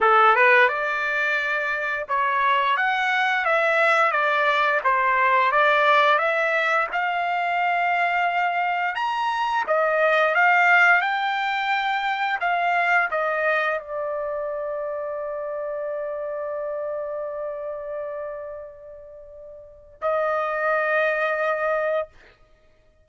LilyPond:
\new Staff \with { instrumentName = "trumpet" } { \time 4/4 \tempo 4 = 87 a'8 b'8 d''2 cis''4 | fis''4 e''4 d''4 c''4 | d''4 e''4 f''2~ | f''4 ais''4 dis''4 f''4 |
g''2 f''4 dis''4 | d''1~ | d''1~ | d''4 dis''2. | }